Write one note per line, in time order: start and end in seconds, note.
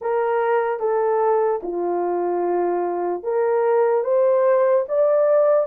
0.01 0.79 A#4
0.79 1.60 A4
1.63 3.22 F4
3.22 4.04 A#4
4.04 4.85 C5
4.88 5.66 D5